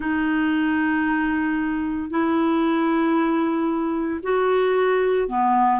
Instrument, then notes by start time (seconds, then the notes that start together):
clarinet
0.00 D#4
2.10 E4
4.22 F#4
5.28 B3